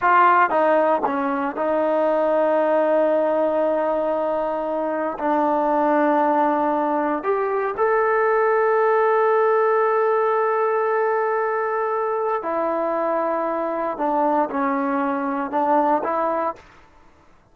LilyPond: \new Staff \with { instrumentName = "trombone" } { \time 4/4 \tempo 4 = 116 f'4 dis'4 cis'4 dis'4~ | dis'1~ | dis'2 d'2~ | d'2 g'4 a'4~ |
a'1~ | a'1 | e'2. d'4 | cis'2 d'4 e'4 | }